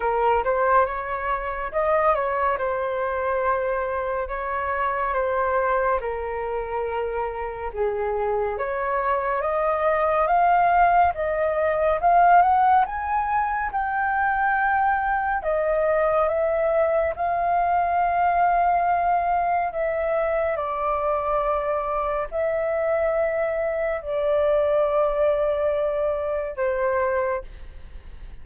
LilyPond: \new Staff \with { instrumentName = "flute" } { \time 4/4 \tempo 4 = 70 ais'8 c''8 cis''4 dis''8 cis''8 c''4~ | c''4 cis''4 c''4 ais'4~ | ais'4 gis'4 cis''4 dis''4 | f''4 dis''4 f''8 fis''8 gis''4 |
g''2 dis''4 e''4 | f''2. e''4 | d''2 e''2 | d''2. c''4 | }